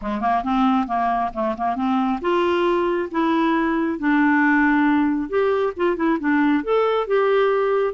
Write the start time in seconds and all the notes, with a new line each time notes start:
0.01 G#3
0.21 A#3
0.43 C4
0.87 A#3
1.33 A3
1.57 A#3
1.75 C4
2.21 F4
3.11 E4
3.98 D4
5.29 G4
5.76 F4
5.96 E4
6.19 D4
6.63 A4
7.07 G4